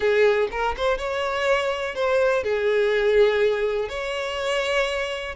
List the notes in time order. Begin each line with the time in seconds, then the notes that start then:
0.00 G#4
0.51 A#4
0.76 C5
0.98 C#5
1.94 C5
2.43 G#4
3.88 C#5